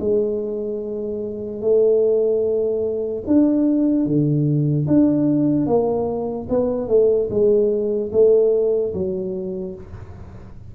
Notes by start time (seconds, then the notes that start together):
0.00 G#3
1.61 A3
3.27 D4
4.05 D3
4.87 D4
5.66 A#3
6.49 B3
6.88 A3
7.30 G#3
8.12 A3
8.93 F#3